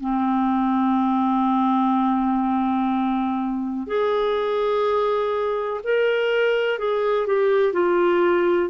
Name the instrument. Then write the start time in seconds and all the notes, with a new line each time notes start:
clarinet
0.00 C4
3.87 G#4
5.84 A#4
6.78 G#4
7.26 G4
7.73 F4